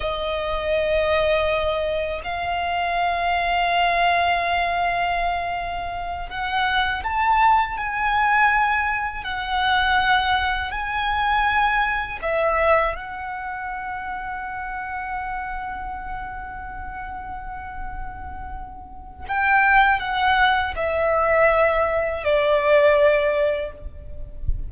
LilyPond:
\new Staff \with { instrumentName = "violin" } { \time 4/4 \tempo 4 = 81 dis''2. f''4~ | f''1~ | f''8 fis''4 a''4 gis''4.~ | gis''8 fis''2 gis''4.~ |
gis''8 e''4 fis''2~ fis''8~ | fis''1~ | fis''2 g''4 fis''4 | e''2 d''2 | }